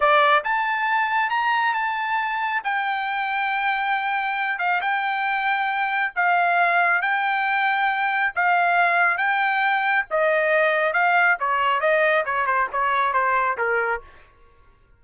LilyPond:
\new Staff \with { instrumentName = "trumpet" } { \time 4/4 \tempo 4 = 137 d''4 a''2 ais''4 | a''2 g''2~ | g''2~ g''8 f''8 g''4~ | g''2 f''2 |
g''2. f''4~ | f''4 g''2 dis''4~ | dis''4 f''4 cis''4 dis''4 | cis''8 c''8 cis''4 c''4 ais'4 | }